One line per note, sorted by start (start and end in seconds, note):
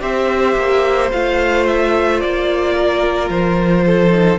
0.00 0.56 C4
0.00 1.09 G4
0.00 2.74 C5
0.00 1.11 E5
0.56 1.11 A#3
1.11 2.23 A3
1.11 4.10 F4
1.11 1.66 F5
1.67 2.20 E5
2.20 3.29 A#3
2.20 3.29 D5
2.75 3.85 A#4
3.29 4.38 F3
3.29 4.38 C5
3.86 4.38 A4
4.10 4.38 D#4